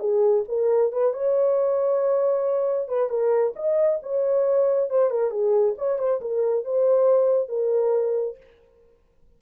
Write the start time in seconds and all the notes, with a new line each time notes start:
0.00 G#4
0.49 A#4
0.93 B4
1.14 C#5
2.88 B4
3.10 A#4
3.56 D#5
4.03 C#5
4.90 C5
5.11 A#4
5.31 G#4
5.78 C#5
5.99 C5
6.21 A#4
6.65 C5
7.49 A#4